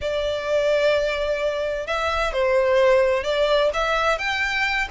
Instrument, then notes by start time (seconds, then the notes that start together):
violin
0.01 D5
1.86 E5
2.32 C5
3.23 D5
3.73 E5
4.18 G5